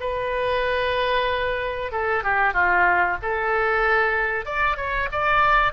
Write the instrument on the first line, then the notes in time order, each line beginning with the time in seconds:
oboe
0.00 B4
1.91 A4
2.23 G4
2.53 F4
3.22 A4
4.45 D5
4.76 C#5
5.12 D5